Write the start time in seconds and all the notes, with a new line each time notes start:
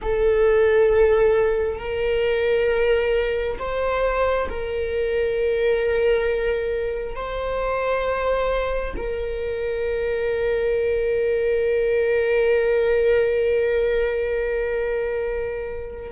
0.01 A4
1.79 A#4
3.59 C5
4.49 A#4
7.15 C5
8.96 A#4